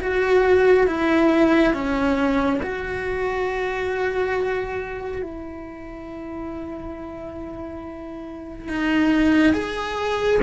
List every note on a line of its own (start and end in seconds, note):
0.00 0.87 F#4
0.87 1.74 E4
1.74 2.60 C#4
2.62 5.22 F#4
5.22 8.69 E4
8.69 9.53 D#4
9.53 10.40 G#4